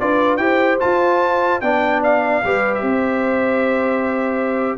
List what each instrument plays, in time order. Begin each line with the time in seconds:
0.00 tuba D4, trombone F4, horn B4, trumpet D5
0.37 tuba E4, trombone G4, horn C5, trumpet G5
0.80 trombone F4, tuba F4, trumpet A5
1.61 tuba B3, trombone D4, horn D5, trumpet G5
2.03 trumpet F5
2.44 tuba G3, trombone G4, horn B4
2.75 trumpet E5
2.82 tuba C4, horn C5